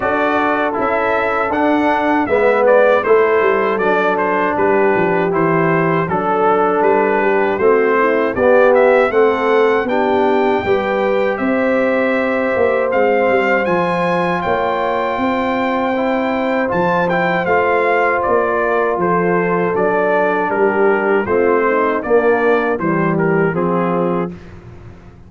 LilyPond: <<
  \new Staff \with { instrumentName = "trumpet" } { \time 4/4 \tempo 4 = 79 d''4 e''4 fis''4 e''8 d''8 | c''4 d''8 c''8 b'4 c''4 | a'4 b'4 c''4 d''8 e''8 | fis''4 g''2 e''4~ |
e''4 f''4 gis''4 g''4~ | g''2 a''8 g''8 f''4 | d''4 c''4 d''4 ais'4 | c''4 d''4 c''8 ais'8 gis'4 | }
  \new Staff \with { instrumentName = "horn" } { \time 4/4 a'2. b'4 | a'2 g'2 | a'4. g'8 fis'8 e'8 g'4 | a'4 g'4 b'4 c''4~ |
c''2. cis''4 | c''1~ | c''8 ais'8 a'2 g'4 | f'8 dis'8 d'4 g'4 f'4 | }
  \new Staff \with { instrumentName = "trombone" } { \time 4/4 fis'4 e'4 d'4 b4 | e'4 d'2 e'4 | d'2 c'4 b4 | c'4 d'4 g'2~ |
g'4 c'4 f'2~ | f'4 e'4 f'8 e'8 f'4~ | f'2 d'2 | c'4 ais4 g4 c'4 | }
  \new Staff \with { instrumentName = "tuba" } { \time 4/4 d'4 cis'4 d'4 gis4 | a8 g8 fis4 g8 f8 e4 | fis4 g4 a4 b4 | a4 b4 g4 c'4~ |
c'8 ais8 gis8 g8 f4 ais4 | c'2 f4 a4 | ais4 f4 fis4 g4 | a4 ais4 e4 f4 | }
>>